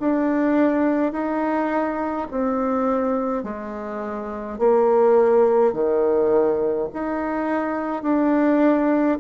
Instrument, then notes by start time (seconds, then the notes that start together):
bassoon
0.00 D4
1.12 D#4
2.31 C4
3.44 G#3
4.59 A#3
5.73 D#3
6.93 D#4
8.03 D4